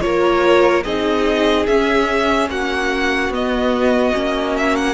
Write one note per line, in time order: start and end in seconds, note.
0.00 0.84 A#3
0.00 0.82 F4
0.00 0.84 A#4
0.00 0.83 C#5
0.83 1.66 C4
0.83 1.68 D#4
0.83 2.49 G#4
0.83 1.66 D#5
1.66 2.49 C#4
1.66 3.33 C#4
1.66 2.48 E5
2.49 3.29 A#3
2.49 4.93 F#4
2.49 3.32 F#5
3.29 4.11 B3
3.29 4.13 B3
3.29 4.56 D#5
4.13 4.93 A#3
4.13 4.93 C#4
4.56 4.75 E5
4.75 4.93 F#5